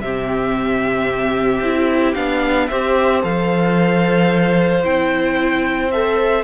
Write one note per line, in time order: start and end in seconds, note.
0.00 1.61 C3
0.00 1.64 C4
0.00 2.70 G4
0.00 2.15 E5
1.61 2.14 C4
1.61 2.16 E4
2.15 2.70 B3
2.15 2.69 D4
2.15 2.68 F5
2.68 3.24 C4
2.68 3.22 G4
2.68 6.44 C5
2.68 3.22 E5
3.22 4.85 F3
3.22 4.83 A4
3.22 4.85 F5
4.83 6.44 C4
4.83 5.91 E4
4.83 5.91 G5
5.91 6.44 A4
5.91 6.44 E5